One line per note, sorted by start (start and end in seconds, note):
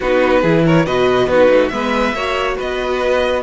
0.00 0.43 B3
0.00 0.43 D#4
0.00 0.41 F#4
0.00 0.65 B4
0.41 0.86 E3
0.41 0.86 E4
0.41 0.62 G#4
0.65 0.85 A#4
0.65 0.86 C#5
0.85 1.26 B2
0.85 1.29 F#4
0.85 1.28 B4
0.85 1.28 D#5
1.26 1.48 B3
1.26 1.71 D#4
1.26 1.72 F#4
1.26 1.68 B4
1.49 1.71 A3
1.68 2.13 G#3
1.68 2.14 B3
1.68 2.15 B4
1.68 2.54 E5
2.13 2.55 A#3
2.13 3.42 F#4
2.13 2.56 C#5
2.56 3.42 B3
2.56 3.42 B4
2.56 3.42 D#5